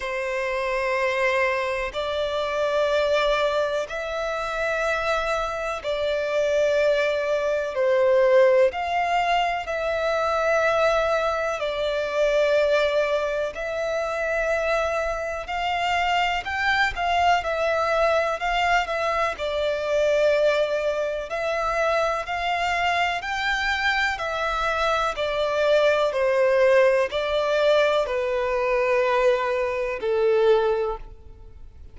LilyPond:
\new Staff \with { instrumentName = "violin" } { \time 4/4 \tempo 4 = 62 c''2 d''2 | e''2 d''2 | c''4 f''4 e''2 | d''2 e''2 |
f''4 g''8 f''8 e''4 f''8 e''8 | d''2 e''4 f''4 | g''4 e''4 d''4 c''4 | d''4 b'2 a'4 | }